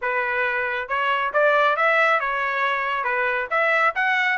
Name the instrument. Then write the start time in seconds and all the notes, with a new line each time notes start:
trumpet
0.01 B4
0.88 C#5
1.33 D5
1.76 E5
2.20 C#5
3.04 B4
3.50 E5
3.95 F#5